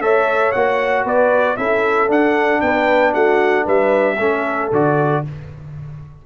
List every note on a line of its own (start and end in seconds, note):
0.00 0.52 A3
0.00 0.53 A4
0.00 1.05 C#5
0.00 0.52 E5
0.52 1.04 A#3
0.52 1.57 F#4
0.52 1.04 F#5
1.04 1.56 B3
1.04 1.57 B4
1.04 1.56 D5
1.56 2.08 C#4
1.56 2.08 E4
1.56 2.62 A4
1.56 2.08 E5
2.08 4.16 D4
2.08 2.61 D4
2.08 2.61 F#5
2.61 3.14 B3
2.61 3.13 B4
2.61 3.13 G5
3.13 3.66 A3
3.13 3.64 F#4
3.13 3.66 F#5
3.64 4.18 G3
3.64 4.16 B4
3.64 4.72 E5
4.18 4.70 A3
4.18 4.72 C#4
4.18 5.23 A4
4.71 5.23 D3
4.71 5.24 F#4
4.71 5.25 D5